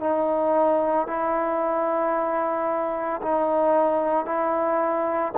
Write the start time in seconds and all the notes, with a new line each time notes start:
0.00 D#4
1.07 E4
3.22 D#4
4.26 E4